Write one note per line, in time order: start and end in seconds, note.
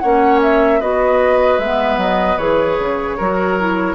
0.00 0.82 A#3
0.00 0.81 C#4
0.00 0.80 C#5
0.00 0.39 F#5
0.42 0.81 E5
0.80 1.58 B3
0.80 1.60 F#4
0.80 3.17 B4
0.80 1.59 D#5
1.58 1.97 G#3
1.58 2.39 B3
1.58 1.99 E5
1.97 2.37 F#3
1.97 2.38 D#5
2.38 2.78 E3
2.38 3.18 G#4
2.38 3.95 C#5
2.79 3.18 C#3
3.17 3.95 F#3
3.17 3.59 F#4
3.17 3.95 A#4
3.59 3.95 E4